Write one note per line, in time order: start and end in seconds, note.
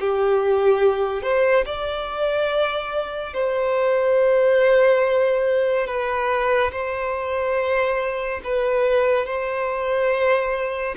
0.00 1.23 G4
1.23 1.65 C5
1.66 3.34 D5
3.34 5.87 C5
5.87 6.71 B4
6.72 8.41 C5
8.44 9.26 B4
9.26 10.95 C5